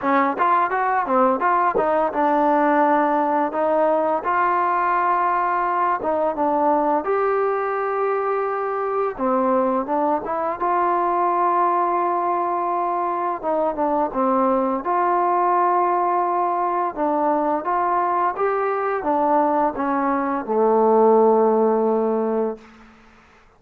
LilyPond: \new Staff \with { instrumentName = "trombone" } { \time 4/4 \tempo 4 = 85 cis'8 f'8 fis'8 c'8 f'8 dis'8 d'4~ | d'4 dis'4 f'2~ | f'8 dis'8 d'4 g'2~ | g'4 c'4 d'8 e'8 f'4~ |
f'2. dis'8 d'8 | c'4 f'2. | d'4 f'4 g'4 d'4 | cis'4 a2. | }